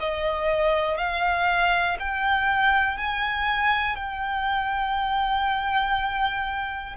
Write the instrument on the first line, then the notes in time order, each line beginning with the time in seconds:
violin
0.00 D#5
0.97 F5
1.99 G5
2.97 G#5
3.95 G5